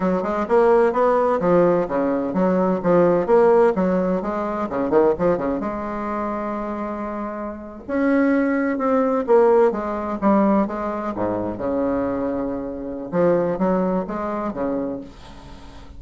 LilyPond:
\new Staff \with { instrumentName = "bassoon" } { \time 4/4 \tempo 4 = 128 fis8 gis8 ais4 b4 f4 | cis4 fis4 f4 ais4 | fis4 gis4 cis8 dis8 f8 cis8 | gis1~ |
gis8. cis'2 c'4 ais16~ | ais8. gis4 g4 gis4 gis,16~ | gis,8. cis2.~ cis16 | f4 fis4 gis4 cis4 | }